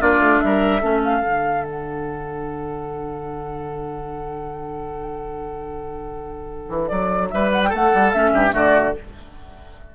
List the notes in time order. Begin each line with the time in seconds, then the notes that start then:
0.00 A#3 D4 F4 D5
0.19 A3
0.40 G3 A#4 E5
0.81 A3 C#4 A4
1.04 F5
1.21 D3 D4
1.64 F#5
6.68 E3
6.87 F#3 D5
7.30 G3 B4 E5
7.52 F#5
7.63 A4 G5
7.73 A3 F#5
7.93 G3
8.12 A3 C#4 E5
8.33 G2 G4
8.51 D3 A3 F#4 D5